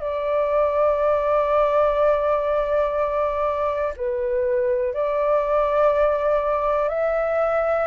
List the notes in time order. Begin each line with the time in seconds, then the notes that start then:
0.00 D5
3.96 B4
4.93 D5
6.89 E5